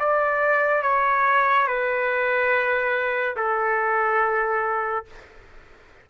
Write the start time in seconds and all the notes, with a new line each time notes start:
0.00 D5
0.83 C#5
1.67 B4
3.36 A4